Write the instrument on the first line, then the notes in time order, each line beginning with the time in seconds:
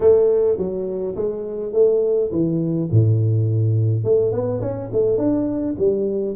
tuba
0.00 A3
0.57 F#3
1.15 G#3
1.73 A3
2.31 E3
2.91 A2
4.04 A3
4.32 B3
4.61 C#4
4.92 A3
5.17 D4
5.78 G3